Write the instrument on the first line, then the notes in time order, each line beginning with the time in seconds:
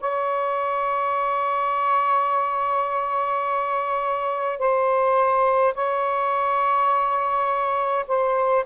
saxophone
0.00 C#5
4.58 C5
5.74 C#5
8.08 C5